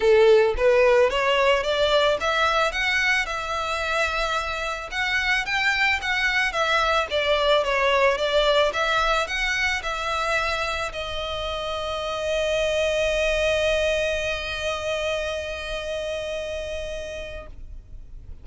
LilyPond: \new Staff \with { instrumentName = "violin" } { \time 4/4 \tempo 4 = 110 a'4 b'4 cis''4 d''4 | e''4 fis''4 e''2~ | e''4 fis''4 g''4 fis''4 | e''4 d''4 cis''4 d''4 |
e''4 fis''4 e''2 | dis''1~ | dis''1~ | dis''1 | }